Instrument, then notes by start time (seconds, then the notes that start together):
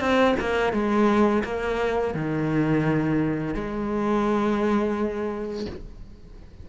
cello
0.00 C4
0.40 A#3
0.73 G#3
1.44 A#3
2.14 D#3
3.54 G#3